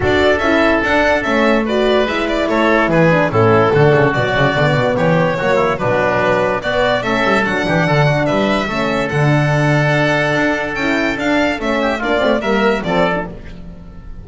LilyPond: <<
  \new Staff \with { instrumentName = "violin" } { \time 4/4 \tempo 4 = 145 d''4 e''4 fis''4 e''4 | d''4 e''8 d''8 cis''4 b'4 | a'2 d''2 | cis''2 b'2 |
d''4 e''4 fis''2 | e''2 fis''2~ | fis''2 g''4 f''4 | e''4 d''4 e''4 d''4 | }
  \new Staff \with { instrumentName = "oboe" } { \time 4/4 a'1 | b'2 a'4 gis'4 | e'4 fis'2. | g'4 fis'8 e'8 d'2 |
fis'4 a'4. g'8 a'8 fis'8 | b'4 a'2.~ | a'1~ | a'8 g'8 f'4 ais'4 a'4 | }
  \new Staff \with { instrumentName = "horn" } { \time 4/4 fis'4 e'4 d'4 cis'4 | fis'4 e'2~ e'8 d'8 | cis'4 d'4 fis4 b4~ | b4 ais4 fis2 |
b4 cis'4 d'2~ | d'4 cis'4 d'2~ | d'2 e'4 d'4 | cis'4 d'8 c'8 ais4 c'8. d'16 | }
  \new Staff \with { instrumentName = "double bass" } { \time 4/4 d'4 cis'4 d'4 a4~ | a4 gis4 a4 e4 | a,4 d8 cis8 b,8 cis8 d8 b,8 | e4 fis4 b,2 |
b4 a8 g8 fis8 e8 d4 | g4 a4 d2~ | d4 d'4 cis'4 d'4 | a4 ais8 a8 g4 f4 | }
>>